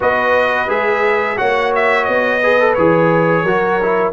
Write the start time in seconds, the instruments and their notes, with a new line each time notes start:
0.00 tuba B3, trombone F#4, horn B4, trumpet D#5
0.68 tuba G#3, trombone G#4, trumpet E5
1.36 tuba A#3, trombone F#4, horn C#5, trumpet F#5
1.75 trumpet E5
2.04 tuba B3, trumpet D#5
2.42 trombone G#4, horn B4
2.59 trombone A4
2.74 tuba E3, trombone G#4, trumpet C#5
3.43 tuba F#3, trombone F#4, horn A#4
3.82 trombone E4